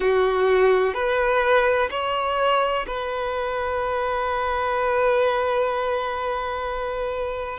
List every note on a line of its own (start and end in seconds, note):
0.00 0.94 F#4
0.94 1.89 B4
1.90 2.86 C#5
2.87 7.58 B4